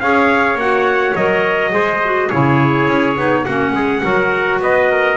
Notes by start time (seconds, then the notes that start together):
0.00 C#4 G#4 C#5 F5
0.54 A#3 F#4 F#5
1.15 F#3 A#4 D#5
1.71 G#3 G#4 C5
2.04 F#4
2.27 C#3 E4 G#4 C#5
2.87 C#4
3.15 B3 D#4
3.44 A#3 C#4 F#4 F#5
3.72 G#3 G#4
4.03 F#3 F#4 A#4
4.58 B3 B4 D#5
4.91 A#4